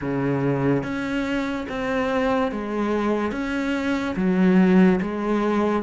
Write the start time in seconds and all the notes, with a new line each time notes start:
0.01 C#3
0.83 C#4
1.69 C4
2.51 G#3
3.31 C#4
4.16 F#3
5.01 G#3